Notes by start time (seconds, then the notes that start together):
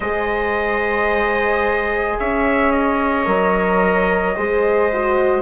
0.00 G#3 G#4 C5 D#5
2.19 C#4 C#5 E5
2.71 D#5
3.25 F#3 A#4
4.36 G#3 G#4 C5
4.93 F#4